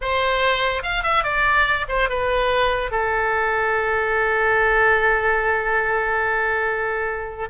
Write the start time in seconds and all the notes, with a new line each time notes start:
0.01 C5
0.82 F5
1.03 E5
1.23 D5
1.88 C5
2.09 B4
2.91 A4